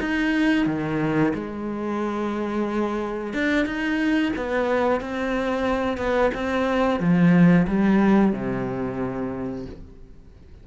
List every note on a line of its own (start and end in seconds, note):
0.00 0.66 D#4
0.66 1.33 D#3
1.34 3.33 G#3
3.33 3.65 D4
3.65 4.32 D#4
4.36 5.01 B3
5.01 5.98 C4
5.98 6.31 B3
6.34 7.00 C4
7.00 7.66 F3
7.68 8.32 G3
8.32 9.66 C3